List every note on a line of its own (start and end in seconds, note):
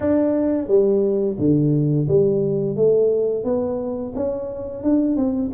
0.00 0.67 D4
0.67 1.36 G3
1.38 2.07 D3
2.08 2.76 G3
2.76 3.44 A3
3.44 4.13 B3
4.15 4.83 C#4
4.83 5.16 D4
5.16 5.50 C4